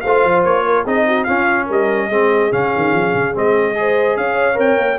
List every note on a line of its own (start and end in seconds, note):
0.00 0.24 A3
0.00 0.64 C5
0.00 0.41 F5
0.06 0.86 F4
0.24 0.45 F3
0.44 0.85 A#3
0.44 0.86 C#5
0.64 0.84 A#4
0.84 1.26 C4
0.84 1.27 D#4
0.84 1.04 G#4
0.84 1.24 D#5
1.07 1.25 F#4
1.24 1.69 C#4
1.24 2.11 C#4
1.24 1.66 F4
1.24 1.65 F5
1.66 2.09 G3
1.66 2.07 A#4
1.66 2.52 D#5
2.09 2.50 G#3
2.09 2.51 C4
2.09 3.75 G#4
2.51 2.72 C#3
2.51 3.33 C#4
2.51 3.35 F5
2.76 2.93 D#3
2.93 3.13 F3
3.14 3.34 C#3
3.33 4.17 G#3
3.33 3.74 C4
3.33 4.17 D#5
3.74 4.54 G#4
3.74 4.18 C5
4.17 4.58 C#4
4.17 4.98 C#5
4.17 4.58 F5
4.54 4.77 C4
4.54 4.96 A#4
4.54 4.98 G5
4.77 4.98 A#3